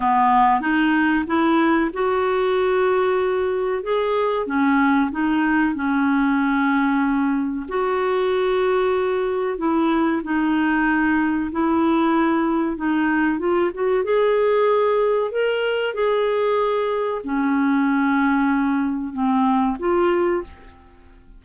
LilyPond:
\new Staff \with { instrumentName = "clarinet" } { \time 4/4 \tempo 4 = 94 b4 dis'4 e'4 fis'4~ | fis'2 gis'4 cis'4 | dis'4 cis'2. | fis'2. e'4 |
dis'2 e'2 | dis'4 f'8 fis'8 gis'2 | ais'4 gis'2 cis'4~ | cis'2 c'4 f'4 | }